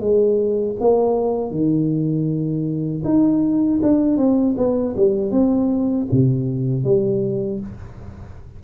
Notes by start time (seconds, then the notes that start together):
0.00 G#3
0.80 A#3
1.51 D#3
3.04 D#4
3.83 D4
4.17 C4
4.57 B3
4.97 G3
5.31 C4
6.11 C3
6.84 G3